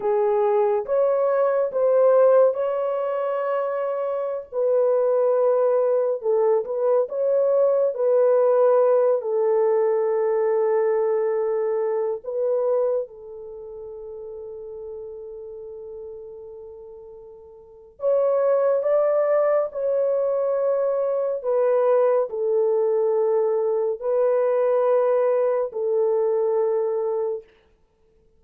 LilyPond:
\new Staff \with { instrumentName = "horn" } { \time 4/4 \tempo 4 = 70 gis'4 cis''4 c''4 cis''4~ | cis''4~ cis''16 b'2 a'8 b'16~ | b'16 cis''4 b'4. a'4~ a'16~ | a'2~ a'16 b'4 a'8.~ |
a'1~ | a'4 cis''4 d''4 cis''4~ | cis''4 b'4 a'2 | b'2 a'2 | }